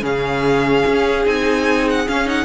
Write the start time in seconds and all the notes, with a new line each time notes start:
0.00 C#3 C#4 G#4 F5
0.86 C#4
1.25 C4 D#4 G#5
1.89 F#5
2.07 C#4 F5
2.25 D#4 F#5